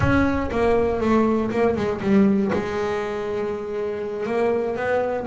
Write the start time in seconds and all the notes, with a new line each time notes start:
0.00 C#4
0.51 A#3
1.00 A3
1.50 A#3
1.75 G#3
2.01 G3
2.52 G#3
4.26 A#3
4.76 B3